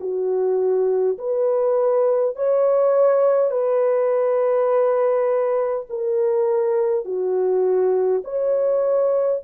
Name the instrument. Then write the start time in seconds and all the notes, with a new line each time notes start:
horn
0.00 F#4
1.18 B4
2.35 C#5
3.51 B4
5.89 A#4
7.05 F#4
8.24 C#5